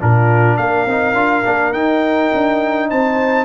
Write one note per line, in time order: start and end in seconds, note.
0.00 0.58 A#2
0.00 0.87 D4
0.00 0.58 F4
0.00 0.57 A#4
0.57 0.86 A#3
0.57 2.89 A#4
0.57 1.73 F5
0.86 1.14 C4
0.86 1.14 D#4
1.14 1.43 D4
1.14 1.43 F4
1.44 1.72 A#3
1.44 1.73 D4
1.72 2.30 D#4
1.72 3.45 D#4
1.72 2.89 G5
2.33 2.92 D4
2.89 3.45 C4
2.89 3.45 C5
2.89 3.45 A5